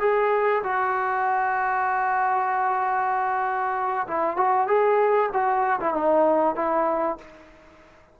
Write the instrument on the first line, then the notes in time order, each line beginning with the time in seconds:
trombone
0.00 G#4
0.63 F#4
4.07 E4
4.37 F#4
4.67 G#4
5.33 F#4
5.80 E4
5.94 D#4
6.55 E4